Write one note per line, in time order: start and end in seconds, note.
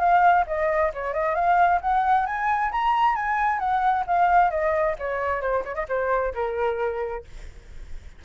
0.00 0.45 F5
0.47 0.92 D#5
0.94 1.14 C#5
1.14 1.35 D#5
1.35 1.80 F5
1.81 2.26 F#5
2.26 2.71 G#5
2.72 3.16 A#5
3.16 3.59 G#5
3.59 4.05 F#5
4.07 4.51 F5
4.51 4.96 D#5
4.99 5.41 C#5
5.41 5.64 C5
5.65 5.75 C#5
5.75 5.86 D#5
5.89 6.34 C5
6.34 7.24 A#4